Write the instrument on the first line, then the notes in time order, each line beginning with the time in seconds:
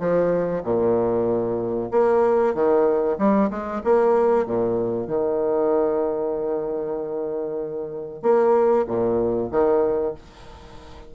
bassoon
0.00 F3
0.64 A#2
1.91 A#3
2.54 D#3
3.19 G3
3.51 G#3
3.84 A#3
4.46 A#2
5.07 D#3
8.22 A#3
8.88 A#2
9.51 D#3